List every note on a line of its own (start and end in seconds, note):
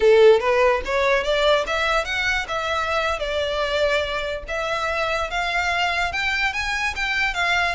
0.00 0.40 A4
0.40 0.81 B4
0.85 1.23 C#5
1.23 1.64 D5
1.66 2.05 E5
2.05 2.46 F#5
2.47 3.19 E5
3.19 4.43 D5
4.48 5.30 E5
5.30 6.12 F5
6.12 6.53 G5
6.53 6.94 G#5
6.95 7.34 G5
7.34 7.75 F5